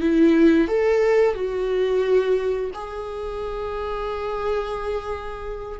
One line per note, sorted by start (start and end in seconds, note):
0.00 0.68 E4
0.68 1.34 A4
1.34 2.71 F#4
2.74 5.79 G#4